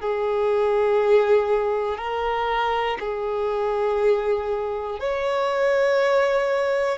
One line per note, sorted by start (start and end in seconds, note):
0.00 1.98 G#4
1.98 2.98 A#4
3.00 5.00 G#4
5.00 6.98 C#5